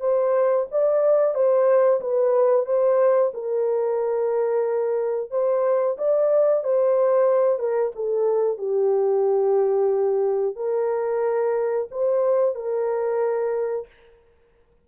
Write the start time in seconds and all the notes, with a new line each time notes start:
0.00 C5
0.71 D5
1.34 C5
2.00 B4
2.66 C5
3.34 A#4
5.30 C5
5.98 D5
6.64 C5
7.59 A#4
7.95 A4
8.58 G4
10.56 A#4
11.91 C5
12.55 A#4